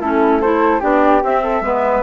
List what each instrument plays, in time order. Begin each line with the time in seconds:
0.00 bassoon A3, clarinet C#4, flute E4 A4
0.41 clarinet E4, flute A4 C5
0.80 bassoon B3, clarinet D4, flute G4 D5
1.23 bassoon C4, clarinet C4, flute E5
1.43 flute A4
1.61 bassoon G#3, clarinet B3, flute B4